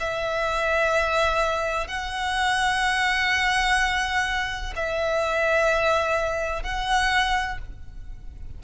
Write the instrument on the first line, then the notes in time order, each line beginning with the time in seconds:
violin
0.00 E5
1.88 F#5
4.76 E5
6.63 F#5